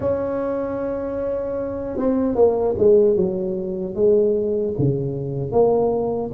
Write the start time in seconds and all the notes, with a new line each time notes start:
0.00 C#4
1.97 C4
2.35 A#3
2.77 G#3
3.16 F#3
3.94 G#3
4.78 C#3
5.51 A#3